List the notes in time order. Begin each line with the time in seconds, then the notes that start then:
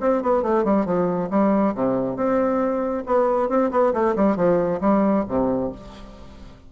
0.00 C4
0.22 B3
0.42 A3
0.64 G3
0.85 F3
1.30 G3
1.74 C3
2.16 C4
3.06 B3
3.49 C4
3.71 B3
3.93 A3
4.16 G3
4.36 F3
4.81 G3
5.28 C3